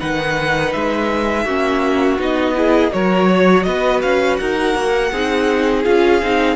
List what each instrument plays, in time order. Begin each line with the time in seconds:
0.00 cello D#3, viola D#4, violin B4 F#5
0.73 cello G#3, violin E5
1.44 cello A#3, viola C#4, violin F#4
2.19 cello B3, viola D#4, violin D#5
2.55 viola E4, violin G#4
2.91 cello F#3, viola F#4, violin A#4 C#5
3.29 violin C#5
3.63 cello B3, violin B4 D#5
4.02 cello C#4, violin F5
4.37 cello D#4, violin A#4 F#5
4.75 cello A#3
5.12 cello C4, viola D#4, violin G#4
5.84 cello C#4, viola F4, violin F5
6.22 cello C4, viola D#4